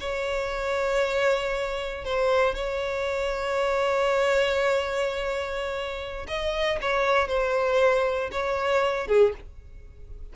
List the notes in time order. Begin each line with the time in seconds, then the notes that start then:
0.00 C#5
2.04 C5
2.55 C#5
6.28 D#5
6.81 C#5
7.28 C5
8.31 C#5
9.07 G#4